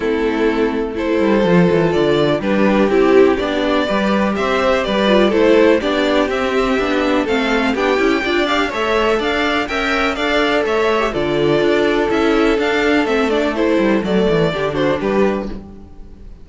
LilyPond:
<<
  \new Staff \with { instrumentName = "violin" } { \time 4/4 \tempo 4 = 124 a'2 c''2 | d''4 b'4 g'4 d''4~ | d''4 e''4 d''4 c''4 | d''4 e''2 f''4 |
g''4. f''8 e''4 f''4 | g''4 f''4 e''4 d''4~ | d''4 e''4 f''4 e''8 d''8 | c''4 d''4. c''8 b'4 | }
  \new Staff \with { instrumentName = "violin" } { \time 4/4 e'2 a'2~ | a'4 g'2. | b'4 c''4 b'4 a'4 | g'2. a'4 |
g'4 d''4 cis''4 d''4 | e''4 d''4 cis''4 a'4~ | a'1~ | a'2 g'8 fis'8 g'4 | }
  \new Staff \with { instrumentName = "viola" } { \time 4/4 c'2 e'4 f'4~ | f'4 d'4 e'4 d'4 | g'2~ g'8 f'8 e'4 | d'4 c'4 d'4 c'4 |
d'8 e'8 f'8 g'8 a'2 | ais'4 a'4.~ a'16 g'16 f'4~ | f'4 e'4 d'4 c'8 d'8 | e'4 a4 d'2 | }
  \new Staff \with { instrumentName = "cello" } { \time 4/4 a2~ a8 g8 f8 e8 | d4 g4 c'4 b4 | g4 c'4 g4 a4 | b4 c'4 b4 a4 |
b8 cis'8 d'4 a4 d'4 | cis'4 d'4 a4 d4 | d'4 cis'4 d'4 a4~ | a8 g8 fis8 e8 d4 g4 | }
>>